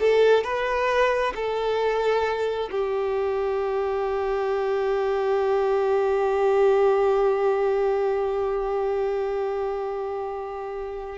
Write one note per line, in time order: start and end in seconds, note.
0.00 0.44 A4
0.44 1.34 B4
1.36 2.70 A4
2.72 11.19 G4